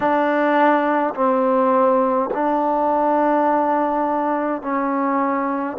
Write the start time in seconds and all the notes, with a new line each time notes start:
0.00 D4
1.14 C4
2.33 D4
4.62 C#4